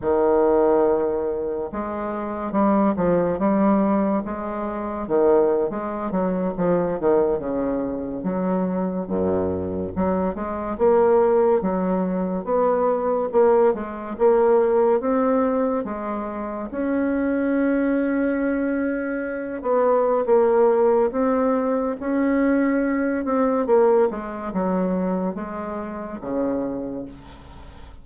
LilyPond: \new Staff \with { instrumentName = "bassoon" } { \time 4/4 \tempo 4 = 71 dis2 gis4 g8 f8 | g4 gis4 dis8. gis8 fis8 f16~ | f16 dis8 cis4 fis4 fis,4 fis16~ | fis16 gis8 ais4 fis4 b4 ais16~ |
ais16 gis8 ais4 c'4 gis4 cis'16~ | cis'2.~ cis'16 b8. | ais4 c'4 cis'4. c'8 | ais8 gis8 fis4 gis4 cis4 | }